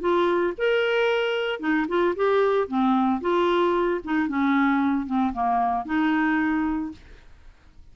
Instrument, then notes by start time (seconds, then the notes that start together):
clarinet
0.00 F4
0.58 A#4
1.60 D#4
1.88 F4
2.15 G4
2.67 C4
3.21 F4
4.04 D#4
4.28 C#4
5.06 C4
5.33 A#3
5.85 D#4